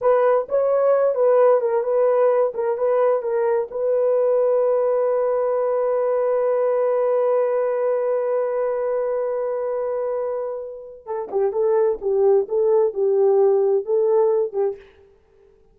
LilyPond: \new Staff \with { instrumentName = "horn" } { \time 4/4 \tempo 4 = 130 b'4 cis''4. b'4 ais'8 | b'4. ais'8 b'4 ais'4 | b'1~ | b'1~ |
b'1~ | b'1 | a'8 g'8 a'4 g'4 a'4 | g'2 a'4. g'8 | }